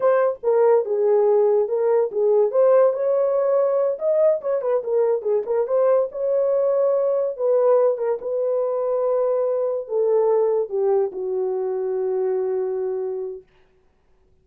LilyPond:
\new Staff \with { instrumentName = "horn" } { \time 4/4 \tempo 4 = 143 c''4 ais'4 gis'2 | ais'4 gis'4 c''4 cis''4~ | cis''4. dis''4 cis''8 b'8 ais'8~ | ais'8 gis'8 ais'8 c''4 cis''4.~ |
cis''4. b'4. ais'8 b'8~ | b'2.~ b'8 a'8~ | a'4. g'4 fis'4.~ | fis'1 | }